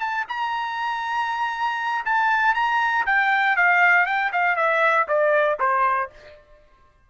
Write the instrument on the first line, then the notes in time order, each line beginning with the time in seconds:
trumpet
0.00 A5
0.28 A#5
2.05 A5
2.55 A#5
3.06 G5
3.56 F5
4.06 G5
4.32 F5
4.56 E5
5.08 D5
5.60 C5